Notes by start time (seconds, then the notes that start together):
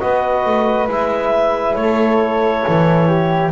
0.00 B3 F#4 B4 D#5
0.46 A3
0.89 G#3 E4 E5
1.75 A3 C#5
1.81 A4
2.69 E3
3.08 G4